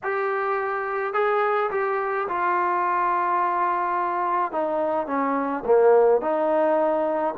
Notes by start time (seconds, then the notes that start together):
0.03 G4
1.13 G#4
1.70 G4
2.28 F4
4.52 D#4
5.07 C#4
5.65 A#3
6.21 D#4